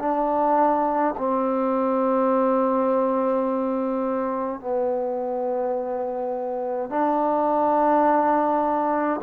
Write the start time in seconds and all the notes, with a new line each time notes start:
0.00 D4
1.18 C4
4.60 B3
6.90 D4